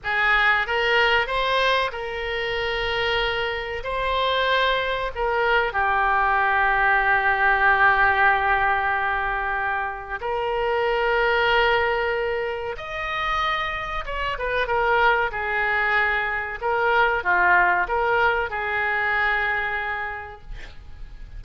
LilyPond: \new Staff \with { instrumentName = "oboe" } { \time 4/4 \tempo 4 = 94 gis'4 ais'4 c''4 ais'4~ | ais'2 c''2 | ais'4 g'2.~ | g'1 |
ais'1 | dis''2 cis''8 b'8 ais'4 | gis'2 ais'4 f'4 | ais'4 gis'2. | }